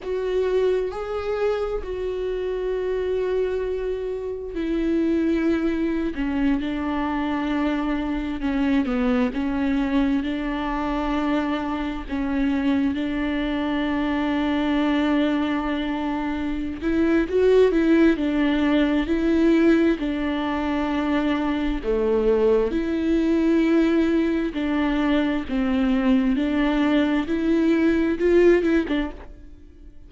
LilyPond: \new Staff \with { instrumentName = "viola" } { \time 4/4 \tempo 4 = 66 fis'4 gis'4 fis'2~ | fis'4 e'4.~ e'16 cis'8 d'8.~ | d'4~ d'16 cis'8 b8 cis'4 d'8.~ | d'4~ d'16 cis'4 d'4.~ d'16~ |
d'2~ d'8 e'8 fis'8 e'8 | d'4 e'4 d'2 | a4 e'2 d'4 | c'4 d'4 e'4 f'8 e'16 d'16 | }